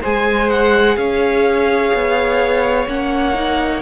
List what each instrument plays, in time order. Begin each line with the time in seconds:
0.00 cello G#3, viola G#4, violin C5 G#5
0.50 violin F#5
0.97 cello C#4, violin C#5 F5
1.93 cello B3
2.86 cello A#3, viola C#4, violin F#5
3.34 viola D#4